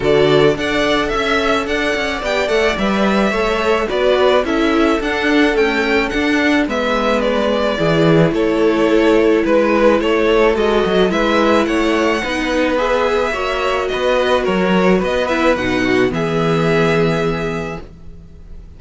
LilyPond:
<<
  \new Staff \with { instrumentName = "violin" } { \time 4/4 \tempo 4 = 108 d''4 fis''4 e''4 fis''4 | g''8 fis''8 e''2 d''4 | e''4 fis''4 g''4 fis''4 | e''4 d''2 cis''4~ |
cis''4 b'4 cis''4 dis''4 | e''4 fis''2 e''4~ | e''4 dis''4 cis''4 dis''8 e''8 | fis''4 e''2. | }
  \new Staff \with { instrumentName = "violin" } { \time 4/4 a'4 d''4 e''4 d''4~ | d''2 cis''4 b'4 | a'1 | b'2 gis'4 a'4~ |
a'4 b'4 a'2 | b'4 cis''4 b'2 | cis''4 b'4 ais'4 b'4~ | b'8 fis'8 gis'2. | }
  \new Staff \with { instrumentName = "viola" } { \time 4/4 fis'4 a'2. | g'8 a'8 b'4 a'4 fis'4 | e'4 d'4 a4 d'4 | b2 e'2~ |
e'2. fis'4 | e'2 dis'4 gis'4 | fis'2.~ fis'8 e'8 | dis'4 b2. | }
  \new Staff \with { instrumentName = "cello" } { \time 4/4 d4 d'4 cis'4 d'8 cis'8 | b8 a8 g4 a4 b4 | cis'4 d'4 cis'4 d'4 | gis2 e4 a4~ |
a4 gis4 a4 gis8 fis8 | gis4 a4 b2 | ais4 b4 fis4 b4 | b,4 e2. | }
>>